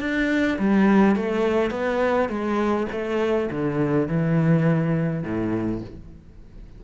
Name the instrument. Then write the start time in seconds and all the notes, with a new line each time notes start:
cello
0.00 D4
0.59 G3
1.16 A3
1.71 B3
2.29 G#3
2.92 A3
3.51 D3
4.08 E3
5.23 A2